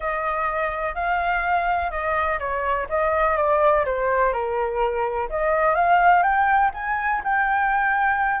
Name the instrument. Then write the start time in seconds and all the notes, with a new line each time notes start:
flute
0.00 D#5
0.94 F5
1.90 D#5
2.39 C#5
2.89 D#5
3.36 D5
3.85 C5
4.32 A#4
5.29 D#5
5.75 F5
6.22 G5
6.73 G#5
7.23 G5